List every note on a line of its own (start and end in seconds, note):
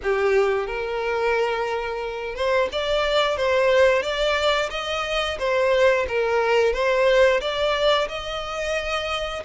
0.02 0.66 G4
0.66 2.35 A#4
2.35 2.68 C5
2.72 3.36 D5
3.36 4.02 C5
4.02 4.69 D5
4.70 5.37 D#5
5.38 6.06 C5
6.08 6.73 A#4
6.73 7.40 C5
7.40 8.08 D5
8.08 9.43 D#5